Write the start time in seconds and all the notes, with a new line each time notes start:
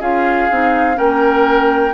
0.00 C#4 F4 G#4 F5
0.51 C4 D#4
0.94 A#3 C#4 A#4 G5